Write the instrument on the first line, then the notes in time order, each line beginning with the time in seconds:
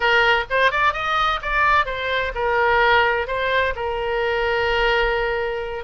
oboe
0.00 A#4
0.50 C5
0.71 D5
0.93 D#5
1.42 D5
1.85 C5
2.34 A#4
3.27 C5
3.75 A#4